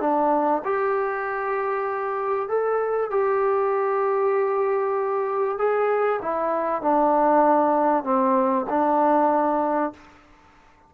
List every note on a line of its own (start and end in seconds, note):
0.00 0.62 D4
0.64 2.48 G4
2.48 3.10 A4
3.10 5.58 G4
5.58 6.20 G#4
6.22 6.82 E4
6.82 8.04 D4
8.04 8.65 C4
8.69 9.93 D4